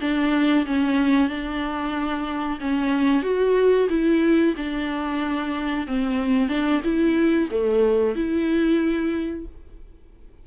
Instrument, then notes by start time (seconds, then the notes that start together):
viola
0.00 D4
0.66 C#4
1.28 D4
2.60 C#4
3.23 F#4
3.89 E4
4.57 D4
5.87 C4
6.48 D4
6.83 E4
7.51 A3
8.15 E4